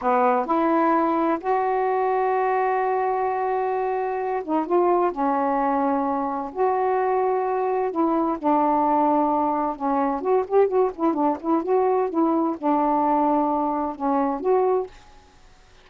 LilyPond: \new Staff \with { instrumentName = "saxophone" } { \time 4/4 \tempo 4 = 129 b4 e'2 fis'4~ | fis'1~ | fis'4. dis'8 f'4 cis'4~ | cis'2 fis'2~ |
fis'4 e'4 d'2~ | d'4 cis'4 fis'8 g'8 fis'8 e'8 | d'8 e'8 fis'4 e'4 d'4~ | d'2 cis'4 fis'4 | }